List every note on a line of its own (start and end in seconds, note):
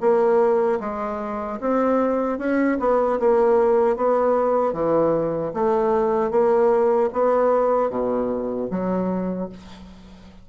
0.00 0.79 A#3
0.80 1.59 G#3
1.60 2.38 C4
2.38 2.78 C#4
2.80 3.19 B3
3.19 3.96 A#3
3.96 4.73 B3
4.73 5.52 E3
5.53 6.31 A3
6.31 7.09 A#3
7.13 7.89 B3
7.89 8.68 B2
8.70 9.49 F#3